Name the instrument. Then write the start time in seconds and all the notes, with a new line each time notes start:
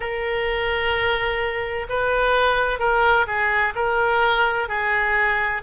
oboe
0.00 A#4
1.89 B4
2.79 A#4
3.26 G#4
3.75 A#4
4.68 G#4